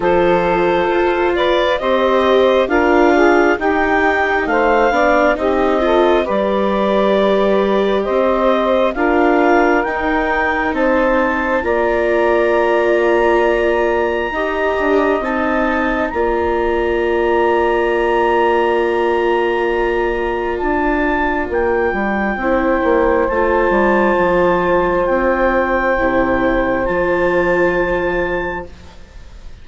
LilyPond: <<
  \new Staff \with { instrumentName = "clarinet" } { \time 4/4 \tempo 4 = 67 c''4. d''8 dis''4 f''4 | g''4 f''4 dis''4 d''4~ | d''4 dis''4 f''4 g''4 | a''4 ais''2.~ |
ais''4 a''4 ais''2~ | ais''2. a''4 | g''2 a''2 | g''2 a''2 | }
  \new Staff \with { instrumentName = "saxophone" } { \time 4/4 a'4. b'8 c''4 ais'8 gis'8 | g'4 c''8 d''8 g'8 a'8 b'4~ | b'4 c''4 ais'2 | c''4 d''2. |
dis''2 d''2~ | d''1~ | d''4 c''2.~ | c''1 | }
  \new Staff \with { instrumentName = "viola" } { \time 4/4 f'2 g'4 f'4 | dis'4. d'8 dis'8 f'8 g'4~ | g'2 f'4 dis'4~ | dis'4 f'2. |
g'4 dis'4 f'2~ | f'1~ | f'4 e'4 f'2~ | f'4 e'4 f'2 | }
  \new Staff \with { instrumentName = "bassoon" } { \time 4/4 f4 f'4 c'4 d'4 | dis'4 a8 b8 c'4 g4~ | g4 c'4 d'4 dis'4 | c'4 ais2. |
dis'8 d'8 c'4 ais2~ | ais2. d'4 | ais8 g8 c'8 ais8 a8 g8 f4 | c'4 c4 f2 | }
>>